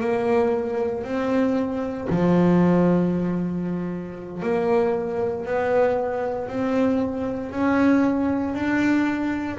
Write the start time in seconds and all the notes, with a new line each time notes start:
0.00 A#3
1.04 C4
2.09 F3
4.42 A#3
5.45 B3
6.48 C4
7.51 C#4
8.54 D4